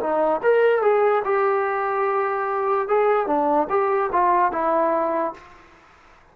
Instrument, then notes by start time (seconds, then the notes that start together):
trombone
0.00 D#4
0.42 A#4
0.82 G#4
1.24 G4
2.88 G#4
3.27 D4
3.69 G4
4.12 F4
4.52 E4